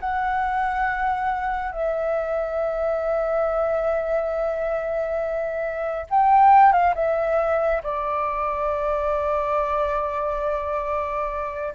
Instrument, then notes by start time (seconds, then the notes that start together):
flute
0.00 F#5
1.72 E5
6.10 G5
6.72 F5
6.95 E5
7.83 D5